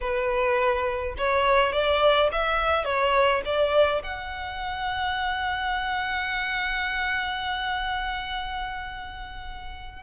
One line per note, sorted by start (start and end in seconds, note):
0.00 1.15 B4
1.17 1.72 C#5
1.72 2.29 D5
2.31 2.84 E5
2.84 3.42 C#5
3.45 4.02 D5
4.03 10.02 F#5